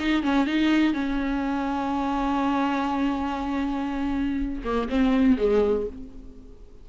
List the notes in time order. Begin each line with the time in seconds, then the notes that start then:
0.00 D#4
0.23 C#4
0.47 D#4
0.94 C#4
4.65 A#3
4.90 C4
5.38 G#3